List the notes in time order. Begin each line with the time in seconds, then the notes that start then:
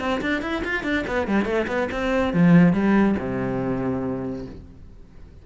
0.00 C4
0.22 D4
0.42 E4
0.65 F4
0.84 D4
1.07 B3
1.28 G3
1.45 A3
1.68 B3
1.92 C4
2.34 F3
2.73 G3
3.19 C3